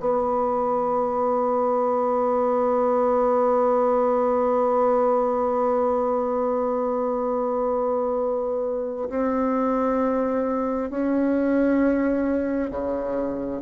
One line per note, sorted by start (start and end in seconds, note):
0.00 9.09 B3
9.09 10.90 C4
10.90 12.71 C#4
12.71 13.62 C#3